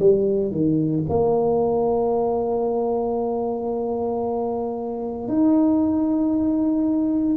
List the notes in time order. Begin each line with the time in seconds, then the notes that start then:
0.00 G3
0.51 D#3
1.09 A#3
5.28 D#4